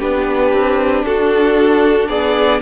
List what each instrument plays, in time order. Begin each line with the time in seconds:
0.00 cello B3, viola D4, violin G4 B4
0.53 cello C4
1.04 cello D4, violin F#4 A4
2.09 cello B3, violin G#4 D5